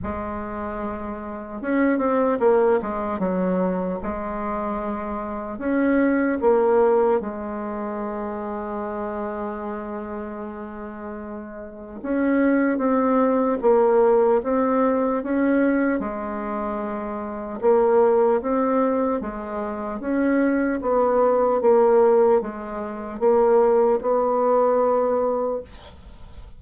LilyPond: \new Staff \with { instrumentName = "bassoon" } { \time 4/4 \tempo 4 = 75 gis2 cis'8 c'8 ais8 gis8 | fis4 gis2 cis'4 | ais4 gis2.~ | gis2. cis'4 |
c'4 ais4 c'4 cis'4 | gis2 ais4 c'4 | gis4 cis'4 b4 ais4 | gis4 ais4 b2 | }